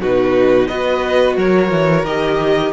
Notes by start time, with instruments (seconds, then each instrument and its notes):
0.00 cello B2, viola D#4, violin F#4 B4
0.67 cello B3, viola F#4, violin B4 D#5
1.37 cello F#3, violin A#4 C#5
1.70 cello E3
2.03 cello D#3, viola G4, violin D#5